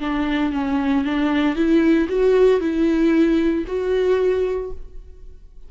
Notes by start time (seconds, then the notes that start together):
0.00 D4
0.52 C#4
1.04 D4
1.55 E4
2.09 F#4
2.60 E4
3.67 F#4